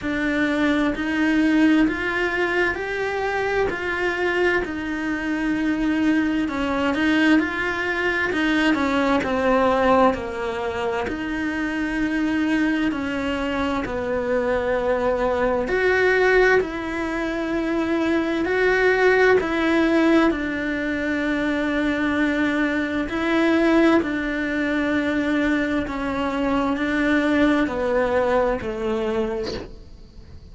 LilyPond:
\new Staff \with { instrumentName = "cello" } { \time 4/4 \tempo 4 = 65 d'4 dis'4 f'4 g'4 | f'4 dis'2 cis'8 dis'8 | f'4 dis'8 cis'8 c'4 ais4 | dis'2 cis'4 b4~ |
b4 fis'4 e'2 | fis'4 e'4 d'2~ | d'4 e'4 d'2 | cis'4 d'4 b4 a4 | }